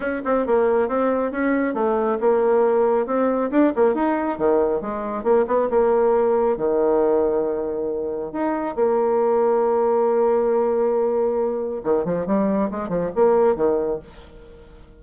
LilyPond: \new Staff \with { instrumentName = "bassoon" } { \time 4/4 \tempo 4 = 137 cis'8 c'8 ais4 c'4 cis'4 | a4 ais2 c'4 | d'8 ais8 dis'4 dis4 gis4 | ais8 b8 ais2 dis4~ |
dis2. dis'4 | ais1~ | ais2. dis8 f8 | g4 gis8 f8 ais4 dis4 | }